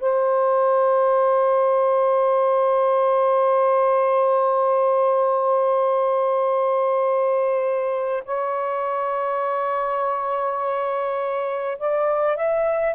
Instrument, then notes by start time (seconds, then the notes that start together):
saxophone
0.00 C5
8.25 C#5
11.78 D5
12.36 E5